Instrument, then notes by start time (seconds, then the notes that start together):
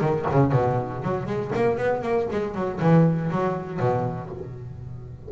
double bass
0.00 D#3
0.30 C#3
0.52 B2
1.02 F#3
1.26 G#3
1.54 A#3
1.77 B3
2.02 A#3
2.31 G#3
2.54 F#3
2.80 E3
3.30 F#3
3.79 B2